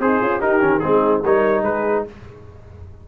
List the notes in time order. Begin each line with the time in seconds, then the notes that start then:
0.00 C4 D#4 G#4 C5
0.21 C#4 F4
0.41 D#4 G4 A#4
0.60 D#3 C#4
0.80 G#3 C4 D#4 G#4
1.23 G3 D#4 A#4 C#5
1.62 G#3 G#4 B4